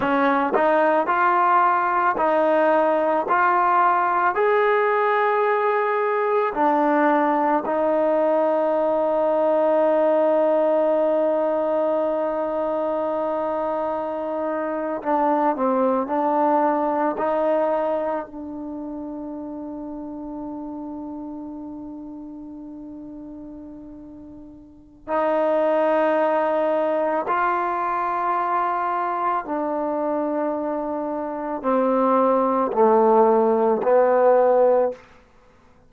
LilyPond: \new Staff \with { instrumentName = "trombone" } { \time 4/4 \tempo 4 = 55 cis'8 dis'8 f'4 dis'4 f'4 | gis'2 d'4 dis'4~ | dis'1~ | dis'4.~ dis'16 d'8 c'8 d'4 dis'16~ |
dis'8. d'2.~ d'16~ | d'2. dis'4~ | dis'4 f'2 d'4~ | d'4 c'4 a4 b4 | }